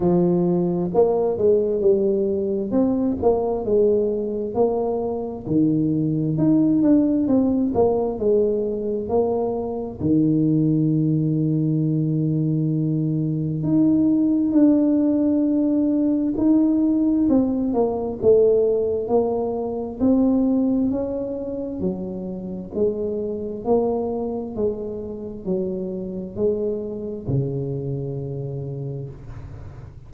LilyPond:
\new Staff \with { instrumentName = "tuba" } { \time 4/4 \tempo 4 = 66 f4 ais8 gis8 g4 c'8 ais8 | gis4 ais4 dis4 dis'8 d'8 | c'8 ais8 gis4 ais4 dis4~ | dis2. dis'4 |
d'2 dis'4 c'8 ais8 | a4 ais4 c'4 cis'4 | fis4 gis4 ais4 gis4 | fis4 gis4 cis2 | }